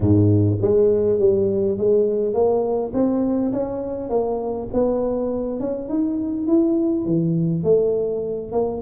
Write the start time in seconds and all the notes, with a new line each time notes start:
0.00 G#2
0.61 G#3
1.19 G3
1.77 G#3
2.33 A#3
2.93 C4
3.52 C#4
4.09 A#3
4.73 B3
5.60 C#4
5.89 D#4
6.47 E4
7.05 E3
7.63 A3
8.52 A#3